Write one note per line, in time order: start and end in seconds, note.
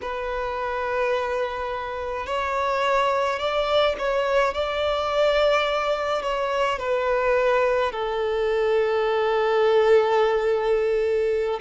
0.01 2.26 B4
2.26 3.39 C#5
3.39 3.95 D5
3.98 4.53 C#5
4.53 6.22 D5
6.22 6.79 C#5
6.79 7.92 B4
7.92 11.60 A4